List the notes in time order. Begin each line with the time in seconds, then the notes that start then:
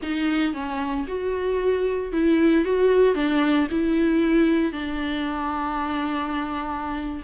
0.02 D#4
0.53 C#4
1.07 F#4
2.12 E4
2.64 F#4
3.15 D4
3.70 E4
4.72 D4